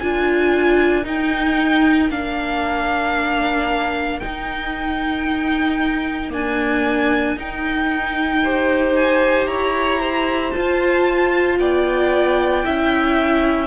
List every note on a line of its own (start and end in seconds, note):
0.00 1.06 D4
0.00 1.04 F4
0.00 8.44 A#4
0.00 1.05 G#5
1.04 2.09 D#4
1.04 2.11 D#4
1.04 2.11 G5
2.11 4.21 A#3
2.11 4.21 D4
2.11 4.20 F5
4.20 6.30 D#4
4.20 6.34 D#4
4.20 6.30 G5
6.30 7.35 A#3
6.30 7.37 D4
6.30 7.39 G#5
7.37 9.47 D#4
7.37 8.44 D#4
7.37 8.96 G5
8.45 10.55 G4
8.45 9.49 C5
8.96 9.47 G#5
9.47 10.52 E4
9.47 10.00 C#5
9.47 10.52 A#5
10.00 11.58 C5
10.52 12.65 F4
10.52 11.60 F4
10.52 11.57 A5
11.60 12.65 B3
11.60 12.66 D5
11.60 13.67 G5
12.65 13.67 C#4
12.65 13.67 E4
12.65 13.67 E5